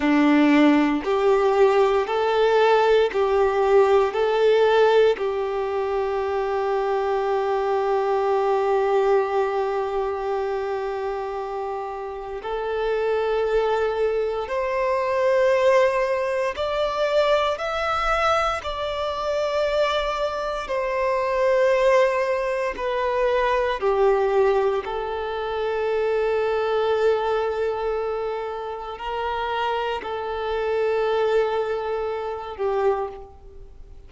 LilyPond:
\new Staff \with { instrumentName = "violin" } { \time 4/4 \tempo 4 = 58 d'4 g'4 a'4 g'4 | a'4 g'2.~ | g'1 | a'2 c''2 |
d''4 e''4 d''2 | c''2 b'4 g'4 | a'1 | ais'4 a'2~ a'8 g'8 | }